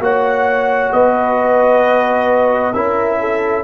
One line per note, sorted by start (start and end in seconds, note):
0.00 0.91 A#3
0.00 2.74 F#4
0.00 0.94 C#5
0.00 0.93 F#5
0.93 2.75 B3
0.93 2.74 B4
0.93 2.73 D#5
2.73 3.64 C#4
2.73 3.64 E4
2.73 3.20 A#4
2.73 3.64 E5
3.20 3.64 A4